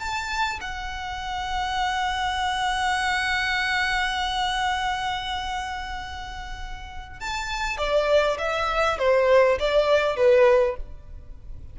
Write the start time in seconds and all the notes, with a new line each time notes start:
0.00 A5
0.61 F#5
7.20 A5
7.78 D5
8.39 E5
8.99 C5
9.59 D5
10.17 B4